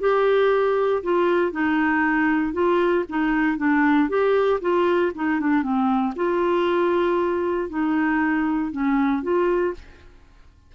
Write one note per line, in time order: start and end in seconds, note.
0.00 1.03 G4
1.03 1.52 F4
1.52 2.53 D#4
2.53 3.04 F4
3.09 3.58 D#4
3.58 4.09 D4
4.09 4.60 G4
4.61 5.12 F4
5.15 5.40 D#4
5.40 5.62 D4
5.62 6.14 C4
6.16 7.69 F4
7.69 8.72 D#4
8.72 9.22 C#4
9.22 9.74 F4